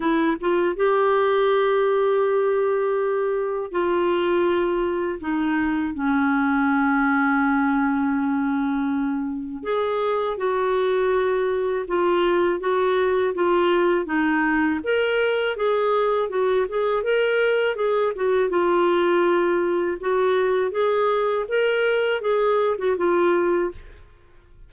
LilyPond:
\new Staff \with { instrumentName = "clarinet" } { \time 4/4 \tempo 4 = 81 e'8 f'8 g'2.~ | g'4 f'2 dis'4 | cis'1~ | cis'4 gis'4 fis'2 |
f'4 fis'4 f'4 dis'4 | ais'4 gis'4 fis'8 gis'8 ais'4 | gis'8 fis'8 f'2 fis'4 | gis'4 ais'4 gis'8. fis'16 f'4 | }